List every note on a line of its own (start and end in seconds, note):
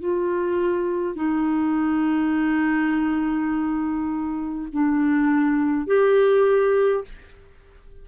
0.00 1.16 F4
1.16 4.68 D#4
4.73 5.87 D4
5.87 7.05 G4